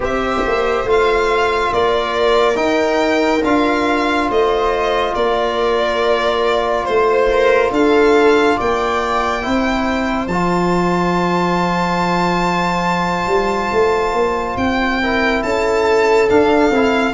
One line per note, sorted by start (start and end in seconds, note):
0.00 0.41 C4
0.00 0.85 G4
0.00 1.72 C5
0.00 0.89 E5
0.47 0.84 A#3
0.84 1.70 A3
0.84 2.54 F4
0.84 1.73 F5
1.71 2.56 A#3
1.71 4.28 A#4
1.71 2.56 D5
2.54 3.40 D#4
2.54 3.41 D#4
2.54 3.42 G5
3.44 4.29 D4
3.44 9.42 F4
3.44 4.30 F5
4.28 5.15 A3
4.28 5.13 C5
4.28 5.14 D#5
5.14 6.87 A#3
5.14 6.84 A#4
5.14 6.85 D5
6.84 7.70 A3
6.84 7.27 C5
6.84 7.71 C5
7.30 7.72 A#4
7.70 8.56 D4
7.70 8.56 A4
7.70 8.59 F5
8.56 9.46 A#3
8.56 9.42 D5
8.56 10.27 G5
9.42 10.26 C4
9.42 10.27 E4
9.42 15.00 C5
10.26 13.26 F3
10.26 15.02 F4
10.26 14.56 A5
13.26 13.69 G3
13.71 14.13 A3
14.13 14.56 A#3
14.56 15.42 C4
14.56 15.42 G5
15.00 16.29 E4
15.00 15.43 A#4
15.42 16.29 C#4
15.42 17.13 A4
15.42 16.28 A5
16.29 16.71 D4
16.29 16.69 D4
16.29 17.13 F5
16.69 17.12 C4
16.69 17.13 E4